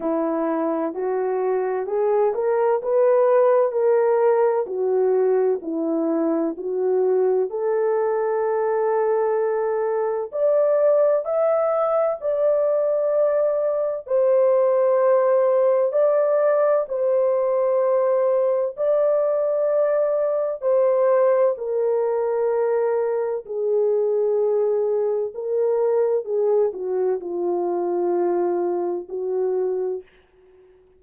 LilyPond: \new Staff \with { instrumentName = "horn" } { \time 4/4 \tempo 4 = 64 e'4 fis'4 gis'8 ais'8 b'4 | ais'4 fis'4 e'4 fis'4 | a'2. d''4 | e''4 d''2 c''4~ |
c''4 d''4 c''2 | d''2 c''4 ais'4~ | ais'4 gis'2 ais'4 | gis'8 fis'8 f'2 fis'4 | }